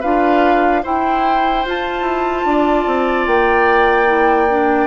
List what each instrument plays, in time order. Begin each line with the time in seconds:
0.00 bassoon D4, clarinet F4, oboe B4, flute F5
0.83 clarinet E4, bassoon E4, oboe C5, flute G5
1.65 bassoon F4, clarinet F4, flute A5
2.01 bassoon E4
2.45 bassoon D4, oboe D5
2.86 bassoon C4
3.26 bassoon A#3, flute G5
4.06 clarinet E4
4.49 clarinet D4